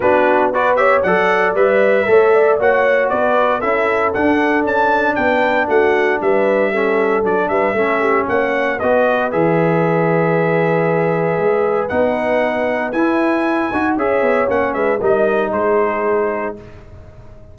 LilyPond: <<
  \new Staff \with { instrumentName = "trumpet" } { \time 4/4 \tempo 4 = 116 b'4 d''8 e''8 fis''4 e''4~ | e''4 fis''4 d''4 e''4 | fis''4 a''4 g''4 fis''4 | e''2 d''8 e''4. |
fis''4 dis''4 e''2~ | e''2. fis''4~ | fis''4 gis''2 e''4 | fis''8 e''8 dis''4 c''2 | }
  \new Staff \with { instrumentName = "horn" } { \time 4/4 fis'4 b'8 cis''8 d''2 | cis''8 d''8 cis''4 b'4 a'4~ | a'2 b'4 fis'4 | b'4 a'4. b'8 a'8 g'8 |
cis''4 b'2.~ | b'1~ | b'2. cis''4~ | cis''8 b'8 ais'4 gis'2 | }
  \new Staff \with { instrumentName = "trombone" } { \time 4/4 d'4 fis'8 g'8 a'4 b'4 | a'4 fis'2 e'4 | d'1~ | d'4 cis'4 d'4 cis'4~ |
cis'4 fis'4 gis'2~ | gis'2. dis'4~ | dis'4 e'4. fis'8 gis'4 | cis'4 dis'2. | }
  \new Staff \with { instrumentName = "tuba" } { \time 4/4 b2 fis4 g4 | a4 ais4 b4 cis'4 | d'4 cis'4 b4 a4 | g2 fis8 g8 a4 |
ais4 b4 e2~ | e2 gis4 b4~ | b4 e'4. dis'8 cis'8 b8 | ais8 gis8 g4 gis2 | }
>>